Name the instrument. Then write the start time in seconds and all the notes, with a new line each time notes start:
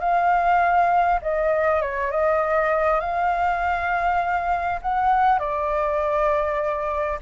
flute
0.00 F5
1.22 D#5
1.82 C#5
2.11 D#5
3.01 F5
4.82 F#5
5.39 D5